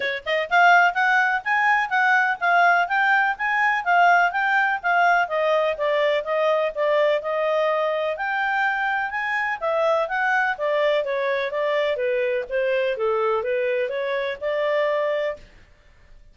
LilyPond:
\new Staff \with { instrumentName = "clarinet" } { \time 4/4 \tempo 4 = 125 cis''8 dis''8 f''4 fis''4 gis''4 | fis''4 f''4 g''4 gis''4 | f''4 g''4 f''4 dis''4 | d''4 dis''4 d''4 dis''4~ |
dis''4 g''2 gis''4 | e''4 fis''4 d''4 cis''4 | d''4 b'4 c''4 a'4 | b'4 cis''4 d''2 | }